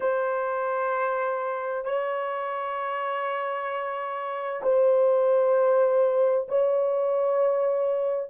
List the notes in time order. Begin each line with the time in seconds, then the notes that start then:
0.00 C5
1.84 C#5
4.62 C5
6.48 C#5